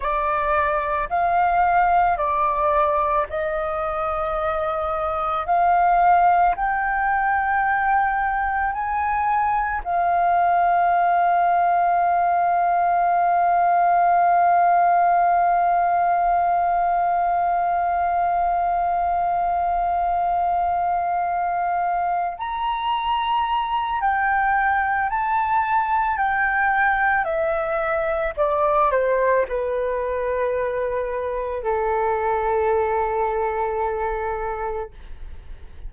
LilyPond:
\new Staff \with { instrumentName = "flute" } { \time 4/4 \tempo 4 = 55 d''4 f''4 d''4 dis''4~ | dis''4 f''4 g''2 | gis''4 f''2.~ | f''1~ |
f''1~ | f''8 ais''4. g''4 a''4 | g''4 e''4 d''8 c''8 b'4~ | b'4 a'2. | }